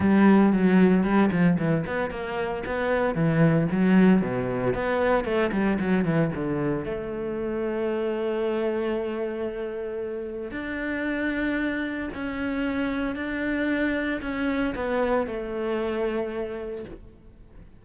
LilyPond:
\new Staff \with { instrumentName = "cello" } { \time 4/4 \tempo 4 = 114 g4 fis4 g8 f8 e8 b8 | ais4 b4 e4 fis4 | b,4 b4 a8 g8 fis8 e8 | d4 a2.~ |
a1 | d'2. cis'4~ | cis'4 d'2 cis'4 | b4 a2. | }